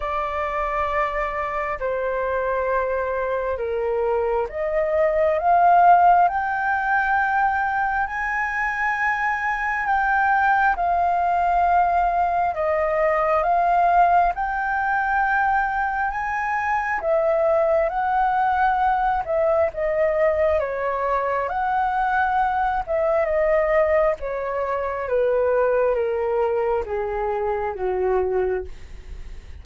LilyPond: \new Staff \with { instrumentName = "flute" } { \time 4/4 \tempo 4 = 67 d''2 c''2 | ais'4 dis''4 f''4 g''4~ | g''4 gis''2 g''4 | f''2 dis''4 f''4 |
g''2 gis''4 e''4 | fis''4. e''8 dis''4 cis''4 | fis''4. e''8 dis''4 cis''4 | b'4 ais'4 gis'4 fis'4 | }